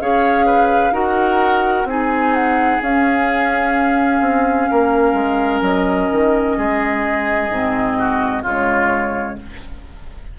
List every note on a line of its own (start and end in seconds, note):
0.00 0.91 C#4
0.00 0.92 G#4
0.00 0.46 C#5
0.00 0.93 F5
0.46 0.93 B4
0.91 1.84 D#4
0.91 1.86 F#4
0.91 1.87 A#4
0.91 1.87 F#5
1.84 2.78 C4
1.84 2.82 D#4
1.84 4.70 G#4
1.84 2.34 G#5
2.34 2.81 F#5
2.82 4.21 C#4
2.82 7.51 C#4
2.82 5.62 F5
4.21 4.68 C4
4.71 5.13 A#3
4.71 6.57 A#4
5.13 5.60 G#3
5.61 6.08 F#3
5.61 8.43 D#5
6.11 6.58 D#3
6.57 7.49 G#3
6.57 7.98 G#4
7.49 8.43 G#2
7.49 8.44 C4
7.98 8.42 F#4
8.42 9.37 C#3
8.42 9.38 G#3
8.42 9.36 F4
8.42 9.38 C#5